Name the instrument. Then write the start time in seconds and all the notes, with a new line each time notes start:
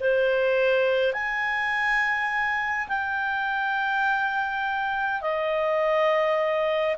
clarinet
0.00 C5
1.13 G#5
2.88 G5
5.21 D#5